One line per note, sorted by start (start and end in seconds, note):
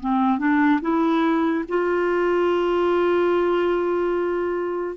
0.00 0.38 C4
0.38 0.80 D4
0.81 1.64 E4
1.68 4.97 F4